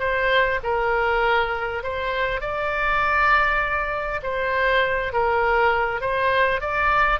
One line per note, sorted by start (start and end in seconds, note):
0.00 0.60 C5
0.64 1.83 A#4
1.83 2.41 C5
2.41 4.21 D5
4.23 5.13 C5
5.13 6.01 A#4
6.01 6.61 C5
6.61 7.20 D5